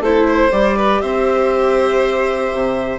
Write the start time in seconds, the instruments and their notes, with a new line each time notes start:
0.00 bassoon A3, viola E4, violin A4, flute C5
0.29 violin C5
0.51 bassoon G3, viola G4, flute D5
0.77 violin B4
1.01 bassoon C4, violin C5, flute E5
2.53 bassoon C3